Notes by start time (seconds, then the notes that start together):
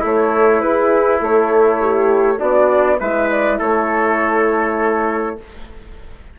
0.00 A3 E4 A4 C#5
0.61 E4 G#4 B4
1.20 A3 A4 C#5
1.81 G4
2.39 B3 D4 F#4 D5
3.00 G#3 E4 B4 E5
3.30 D5
3.59 A3 A4 C#5